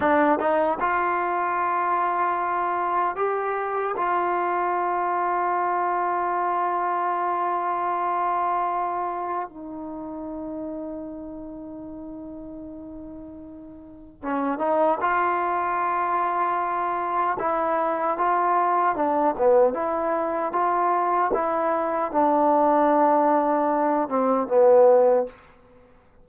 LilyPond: \new Staff \with { instrumentName = "trombone" } { \time 4/4 \tempo 4 = 76 d'8 dis'8 f'2. | g'4 f'2.~ | f'1 | dis'1~ |
dis'2 cis'8 dis'8 f'4~ | f'2 e'4 f'4 | d'8 b8 e'4 f'4 e'4 | d'2~ d'8 c'8 b4 | }